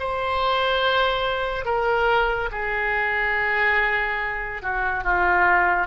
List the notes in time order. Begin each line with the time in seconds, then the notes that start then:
0.00 C5
1.66 A#4
2.52 G#4
4.63 F#4
5.04 F4